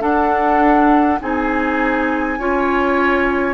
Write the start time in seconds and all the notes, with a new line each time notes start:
0.00 D4 A4 F#5
1.21 C4 D#4 G#4 G#5
2.38 C#4 F4 C#5